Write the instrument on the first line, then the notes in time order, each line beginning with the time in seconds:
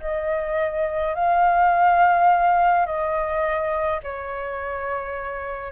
flute
0.00 D#5
1.14 F5
2.85 D#5
4.03 C#5